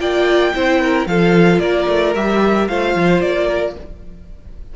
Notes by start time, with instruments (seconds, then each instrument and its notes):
0.00 cello A#3, viola F4, violin D5 G5
0.54 cello C4, viola E4, violin C5
0.81 violin A#4
1.06 cello F3, viola F4, violin A4 F5
1.59 cello A#3, violin A#4 D5
1.88 cello A3
2.15 cello G3, viola G4, violin E5
2.68 cello A3, viola F4, violin C5 F5
2.95 cello F3
3.21 cello A#3, violin D5
3.47 violin A#4